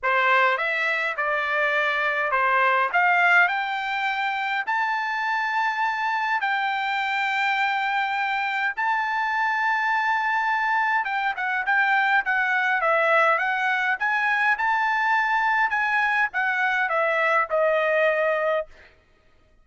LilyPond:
\new Staff \with { instrumentName = "trumpet" } { \time 4/4 \tempo 4 = 103 c''4 e''4 d''2 | c''4 f''4 g''2 | a''2. g''4~ | g''2. a''4~ |
a''2. g''8 fis''8 | g''4 fis''4 e''4 fis''4 | gis''4 a''2 gis''4 | fis''4 e''4 dis''2 | }